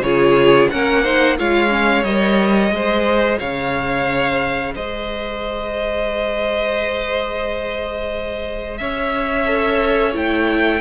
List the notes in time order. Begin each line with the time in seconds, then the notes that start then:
0.00 C#3 F4 G#4 C#5
0.70 A#3 C#4 A#4 F#5
1.02 D#4 C5
1.38 G#3 F4 C#5 F5
1.69 C#4
2.03 G3 A#4 D#5
2.70 G#3 G#4 C5
3.38 C#3 C#5 F5
4.74 G#3 C5 D#5
8.77 C#4 C#5 E5
9.46 A4
10.13 A3 E4 G5